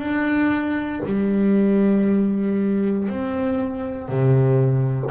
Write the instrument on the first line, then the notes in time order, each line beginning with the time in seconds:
double bass
0.00 D4
1.06 G3
3.09 C4
4.09 C3